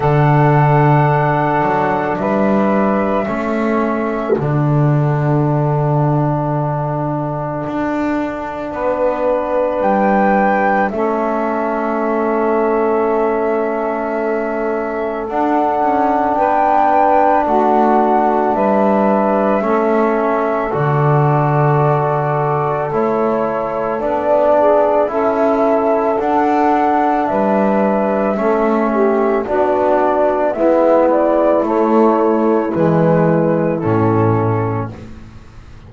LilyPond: <<
  \new Staff \with { instrumentName = "flute" } { \time 4/4 \tempo 4 = 55 fis''2 e''2 | fis''1~ | fis''4 g''4 e''2~ | e''2 fis''4 g''4 |
fis''4 e''2 d''4~ | d''4 cis''4 d''4 e''4 | fis''4 e''2 d''4 | e''8 d''8 cis''4 b'4 a'4 | }
  \new Staff \with { instrumentName = "saxophone" } { \time 4/4 a'2 b'4 a'4~ | a'1 | b'2 a'2~ | a'2. b'4 |
fis'4 b'4 a'2~ | a'2~ a'8 gis'8 a'4~ | a'4 b'4 a'8 g'8 fis'4 | e'1 | }
  \new Staff \with { instrumentName = "trombone" } { \time 4/4 d'2. cis'4 | d'1~ | d'2 cis'2~ | cis'2 d'2~ |
d'2 cis'4 fis'4~ | fis'4 e'4 d'4 e'4 | d'2 cis'4 d'4 | b4 a4 gis4 cis'4 | }
  \new Staff \with { instrumentName = "double bass" } { \time 4/4 d4. fis8 g4 a4 | d2. d'4 | b4 g4 a2~ | a2 d'8 cis'8 b4 |
a4 g4 a4 d4~ | d4 a4 b4 cis'4 | d'4 g4 a4 b4 | gis4 a4 e4 a,4 | }
>>